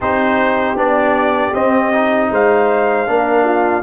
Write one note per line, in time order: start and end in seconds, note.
0.00 0.75 C4
0.00 0.76 D#4
0.00 2.31 G4
0.00 0.78 C5
0.75 1.52 B3
0.75 1.53 D4
0.75 1.54 D5
1.54 2.30 C4
1.54 1.92 C4
1.54 2.31 D#5
1.92 3.06 D#4
2.30 3.07 G#3
2.30 3.08 C5
2.30 3.83 F5
3.06 3.83 A#3
3.06 3.83 D4
3.06 3.44 A#4
3.44 3.82 F4